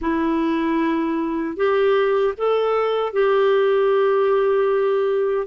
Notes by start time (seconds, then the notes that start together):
0.01 E4
1.56 G4
2.37 A4
3.12 G4